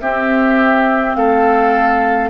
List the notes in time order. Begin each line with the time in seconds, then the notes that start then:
0.00 C4 G4 E5
1.14 A3 A4 F5